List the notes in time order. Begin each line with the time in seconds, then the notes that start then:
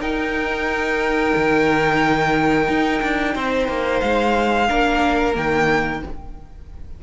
0.00 D#4 A#4 G5
1.36 D#3
2.68 D#4
3.02 D4
3.34 C4 C5
3.68 A#3
4.00 G#3 F5
4.67 A#3 D4 A#4
5.33 D#3 A#3 G5